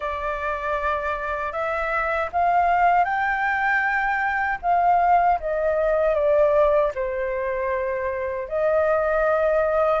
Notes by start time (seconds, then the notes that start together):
0.00 D5
1.52 E5
2.32 F5
3.04 G5
4.62 F5
5.40 D#5
6.15 D5
6.94 C5
8.48 D#5